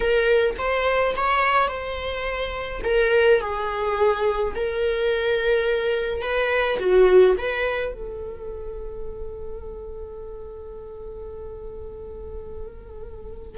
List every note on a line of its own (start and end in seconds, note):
0.00 0.55 A#4
0.58 1.14 C5
1.16 1.67 C#5
1.67 2.81 C5
2.84 3.40 A#4
3.40 4.54 G#4
4.55 6.21 A#4
6.21 6.78 B4
6.79 7.36 F#4
7.37 7.93 B4
7.93 13.57 A4